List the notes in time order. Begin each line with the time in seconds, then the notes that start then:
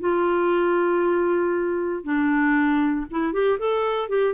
0.00 F4
2.04 D4
3.11 E4
3.34 G4
3.59 A4
4.09 G4